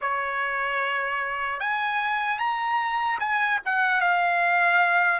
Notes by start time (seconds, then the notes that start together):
0.01 C#5
1.60 G#5
2.39 A#5
3.19 G#5
3.65 F#5
4.00 F5